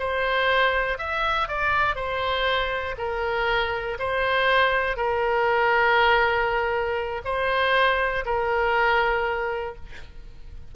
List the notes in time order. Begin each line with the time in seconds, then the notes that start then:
0.00 C5
0.99 E5
1.49 D5
1.96 C5
2.98 A#4
4.00 C5
4.97 A#4
7.25 C5
8.26 A#4